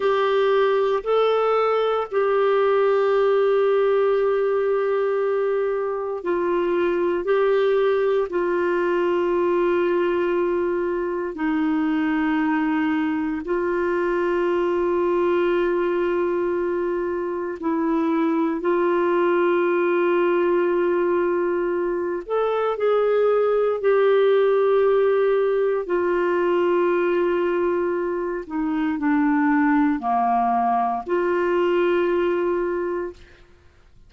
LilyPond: \new Staff \with { instrumentName = "clarinet" } { \time 4/4 \tempo 4 = 58 g'4 a'4 g'2~ | g'2 f'4 g'4 | f'2. dis'4~ | dis'4 f'2.~ |
f'4 e'4 f'2~ | f'4. a'8 gis'4 g'4~ | g'4 f'2~ f'8 dis'8 | d'4 ais4 f'2 | }